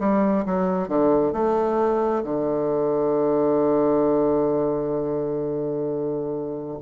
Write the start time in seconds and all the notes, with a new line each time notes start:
0.00 G3
0.46 F#3
0.89 D3
1.33 A3
2.24 D3